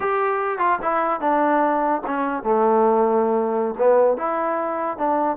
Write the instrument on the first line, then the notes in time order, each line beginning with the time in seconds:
trombone
0.00 G4
0.58 F4
0.82 E4
1.20 D4
2.06 C#4
2.43 A3
3.78 B3
4.17 E4
4.97 D4